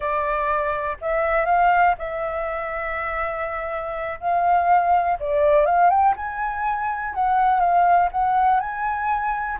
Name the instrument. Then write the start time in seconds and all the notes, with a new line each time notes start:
flute
0.00 D5
1.01 E5
1.45 F5
1.98 E5
4.20 F5
5.19 D5
5.65 F5
5.89 G5
6.16 G#5
7.14 F#5
7.60 F5
8.11 F#5
8.60 G#5